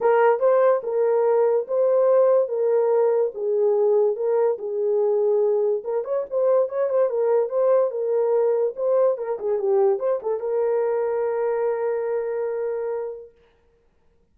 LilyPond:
\new Staff \with { instrumentName = "horn" } { \time 4/4 \tempo 4 = 144 ais'4 c''4 ais'2 | c''2 ais'2 | gis'2 ais'4 gis'4~ | gis'2 ais'8 cis''8 c''4 |
cis''8 c''8 ais'4 c''4 ais'4~ | ais'4 c''4 ais'8 gis'8 g'4 | c''8 a'8 ais'2.~ | ais'1 | }